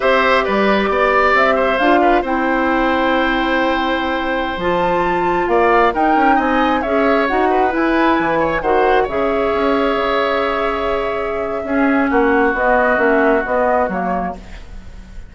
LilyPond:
<<
  \new Staff \with { instrumentName = "flute" } { \time 4/4 \tempo 4 = 134 e''4 d''2 e''4 | f''4 g''2.~ | g''2~ g''16 a''4.~ a''16~ | a''16 f''4 g''4 gis''4 e''8.~ |
e''16 fis''4 gis''2 fis''8.~ | fis''16 e''2.~ e''8.~ | e''2. fis''4 | dis''4 e''4 dis''4 cis''4 | }
  \new Staff \with { instrumentName = "oboe" } { \time 4/4 c''4 b'4 d''4. c''8~ | c''8 b'8 c''2.~ | c''1~ | c''16 d''4 ais'4 dis''4 cis''8.~ |
cis''8. b'2 cis''8 c''8.~ | c''16 cis''2.~ cis''8.~ | cis''2 gis'4 fis'4~ | fis'1 | }
  \new Staff \with { instrumentName = "clarinet" } { \time 4/4 g'1 | f'4 e'2.~ | e'2~ e'16 f'4.~ f'16~ | f'4~ f'16 dis'2 gis'8.~ |
gis'16 fis'4 e'2 fis'8.~ | fis'16 gis'2.~ gis'8.~ | gis'2 cis'2 | b4 cis'4 b4 ais4 | }
  \new Staff \with { instrumentName = "bassoon" } { \time 4/4 c'4 g4 b4 c'4 | d'4 c'2.~ | c'2~ c'16 f4.~ f16~ | f16 ais4 dis'8 cis'8 c'4 cis'8.~ |
cis'16 dis'4 e'4 e4 dis8.~ | dis16 cis4 cis'4 cis4.~ cis16~ | cis2 cis'4 ais4 | b4 ais4 b4 fis4 | }
>>